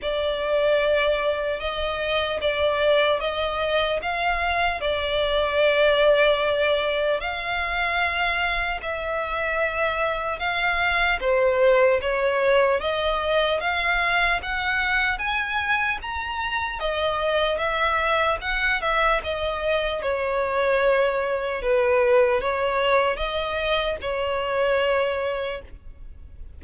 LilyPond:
\new Staff \with { instrumentName = "violin" } { \time 4/4 \tempo 4 = 75 d''2 dis''4 d''4 | dis''4 f''4 d''2~ | d''4 f''2 e''4~ | e''4 f''4 c''4 cis''4 |
dis''4 f''4 fis''4 gis''4 | ais''4 dis''4 e''4 fis''8 e''8 | dis''4 cis''2 b'4 | cis''4 dis''4 cis''2 | }